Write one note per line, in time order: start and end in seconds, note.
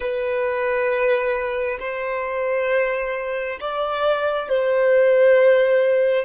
0.00 1.77 B4
1.79 3.58 C5
3.60 4.49 D5
4.49 6.24 C5